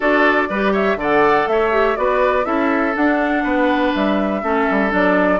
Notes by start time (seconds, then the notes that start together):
0.00 D4 F#4 A4 D5
0.49 G3 G4 B4
0.72 C#5 E5
0.96 D3 A4 D5 F#5
1.47 A3 C#5 E5
1.71 G4
1.96 B3 F#4 B4 D5
2.43 C#4 E4 A4 E5
2.95 D4 F#5
3.43 B3 B4
3.94 G3 E5
4.42 A3 C#4 A4
4.70 G3
4.89 F#3 D4 D5